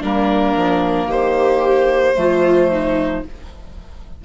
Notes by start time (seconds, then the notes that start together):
0.00 G3 A#3 D4 A#4
0.56 F3
1.06 D#3 G4 C5
2.15 F3 A3 F4
2.71 D#4